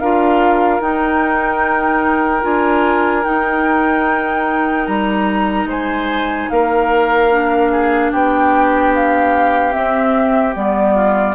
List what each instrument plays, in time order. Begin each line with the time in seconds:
0.00 bassoon D4, clarinet F4, oboe A#4, flute F5
0.80 bassoon D#4, clarinet D#4, flute G5
2.42 bassoon D4, clarinet F4, flute G#5
3.24 clarinet D#4, bassoon D#4, flute G5
4.87 bassoon G3, flute A#5
5.66 bassoon G#3, oboe C5, flute G#5
6.50 bassoon A#3, oboe A#4, flute F5
7.32 clarinet D4
7.72 oboe G#4
8.12 bassoon B3, oboe G4, flute G5
8.95 flute F5
9.72 clarinet C4, bassoon C4, flute E5
10.54 bassoon G3, clarinet B3, flute D5
10.95 oboe F4